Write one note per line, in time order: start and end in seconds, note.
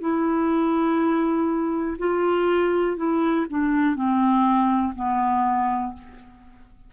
0.00 1.97 E4
1.98 2.96 F4
2.96 3.46 E4
3.49 3.95 D4
3.95 4.93 C4
4.94 5.93 B3